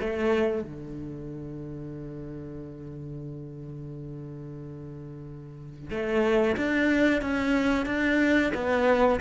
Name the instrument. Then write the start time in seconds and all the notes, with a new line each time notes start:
cello
0.00 A3
0.62 D3
5.90 A3
6.56 D4
7.21 C#4
7.86 D4
8.54 B3